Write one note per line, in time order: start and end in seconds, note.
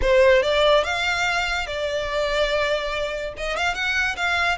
0.01 0.42 C5
0.42 0.84 D5
0.84 1.67 F5
1.67 3.33 D5
3.37 3.57 D#5
3.57 3.74 F5
3.74 4.16 F#5
4.16 4.57 F5